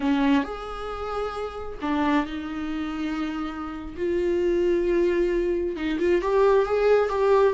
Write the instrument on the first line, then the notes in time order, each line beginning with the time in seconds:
viola
0.00 C#4
0.43 G#4
1.81 D4
2.26 D#4
3.96 F4
5.76 D#4
5.99 F4
6.21 G4
6.65 G#4
7.09 G4